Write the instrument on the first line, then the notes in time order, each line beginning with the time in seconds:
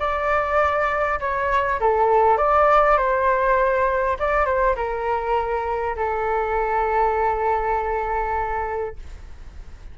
flute
0.00 D5
1.20 C#5
1.81 A4
2.38 D5
2.98 C5
4.19 D5
4.46 C5
4.76 A#4
5.96 A4